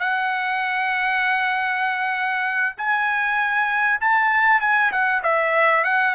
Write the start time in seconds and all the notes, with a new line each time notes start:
0.00 F#5
2.77 G#5
4.01 A5
4.61 G#5
4.92 F#5
5.23 E5
5.84 F#5